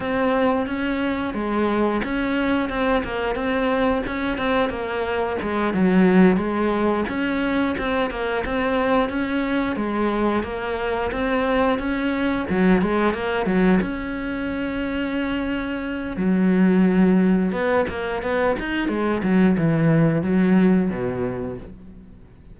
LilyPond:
\new Staff \with { instrumentName = "cello" } { \time 4/4 \tempo 4 = 89 c'4 cis'4 gis4 cis'4 | c'8 ais8 c'4 cis'8 c'8 ais4 | gis8 fis4 gis4 cis'4 c'8 | ais8 c'4 cis'4 gis4 ais8~ |
ais8 c'4 cis'4 fis8 gis8 ais8 | fis8 cis'2.~ cis'8 | fis2 b8 ais8 b8 dis'8 | gis8 fis8 e4 fis4 b,4 | }